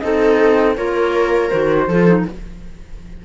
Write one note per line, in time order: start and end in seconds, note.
0.00 0.78 C4
0.00 0.76 D#4
0.00 0.78 A4
0.00 0.74 D#5
0.77 1.52 A#3
0.77 1.51 F4
0.77 1.89 A#4
0.77 1.50 C#5
1.50 1.88 D#3
1.50 1.88 F#4
1.50 2.24 C5
1.88 2.25 F3
1.88 2.07 F4
1.88 2.26 A4
2.07 2.26 D#4